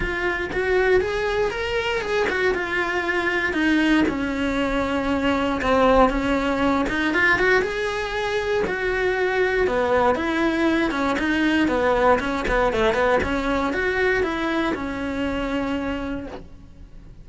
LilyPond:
\new Staff \with { instrumentName = "cello" } { \time 4/4 \tempo 4 = 118 f'4 fis'4 gis'4 ais'4 | gis'8 fis'8 f'2 dis'4 | cis'2. c'4 | cis'4. dis'8 f'8 fis'8 gis'4~ |
gis'4 fis'2 b4 | e'4. cis'8 dis'4 b4 | cis'8 b8 a8 b8 cis'4 fis'4 | e'4 cis'2. | }